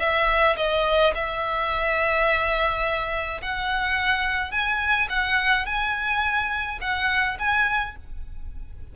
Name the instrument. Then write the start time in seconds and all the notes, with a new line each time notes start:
violin
0.00 E5
0.57 D#5
1.15 E5
3.42 F#5
4.52 G#5
5.10 F#5
5.67 G#5
6.82 F#5
7.40 G#5